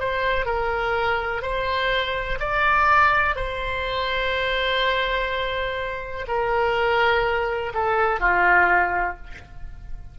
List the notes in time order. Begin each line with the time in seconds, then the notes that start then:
0.00 C5
0.46 A#4
1.43 C5
2.40 D5
3.36 C5
6.28 A#4
7.74 A4
8.20 F4